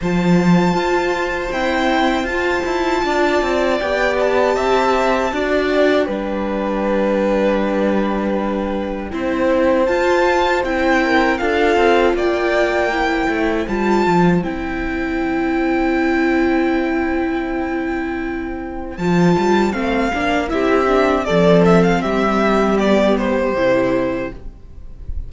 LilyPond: <<
  \new Staff \with { instrumentName = "violin" } { \time 4/4 \tempo 4 = 79 a''2 g''4 a''4~ | a''4 g''8 a''2 g''8~ | g''1~ | g''4 a''4 g''4 f''4 |
g''2 a''4 g''4~ | g''1~ | g''4 a''4 f''4 e''4 | d''8 e''16 f''16 e''4 d''8 c''4. | }
  \new Staff \with { instrumentName = "violin" } { \time 4/4 c''1 | d''2 e''4 d''4 | b'1 | c''2~ c''8 ais'8 a'4 |
d''4 c''2.~ | c''1~ | c''2. g'4 | a'4 g'2. | }
  \new Staff \with { instrumentName = "viola" } { \time 4/4 f'2 c'4 f'4~ | f'4 g'2 fis'4 | d'1 | e'4 f'4 e'4 f'4~ |
f'4 e'4 f'4 e'4~ | e'1~ | e'4 f'4 c'8 d'8 e'8 d'8 | c'2 b4 e'4 | }
  \new Staff \with { instrumentName = "cello" } { \time 4/4 f4 f'4 e'4 f'8 e'8 | d'8 c'8 b4 c'4 d'4 | g1 | c'4 f'4 c'4 d'8 c'8 |
ais4. a8 g8 f8 c'4~ | c'1~ | c'4 f8 g8 a8 ais8 c'4 | f4 g2 c4 | }
>>